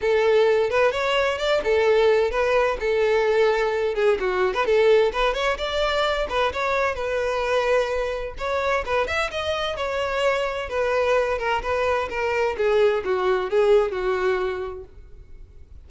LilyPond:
\new Staff \with { instrumentName = "violin" } { \time 4/4 \tempo 4 = 129 a'4. b'8 cis''4 d''8 a'8~ | a'4 b'4 a'2~ | a'8 gis'8 fis'8. b'16 a'4 b'8 cis''8 | d''4. b'8 cis''4 b'4~ |
b'2 cis''4 b'8 e''8 | dis''4 cis''2 b'4~ | b'8 ais'8 b'4 ais'4 gis'4 | fis'4 gis'4 fis'2 | }